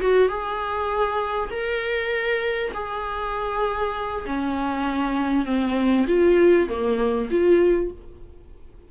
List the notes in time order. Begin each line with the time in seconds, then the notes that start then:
0.00 F#4
0.28 G#4
1.50 A#4
2.73 G#4
4.25 C#4
5.45 C4
6.07 F4
6.68 A#3
7.30 F4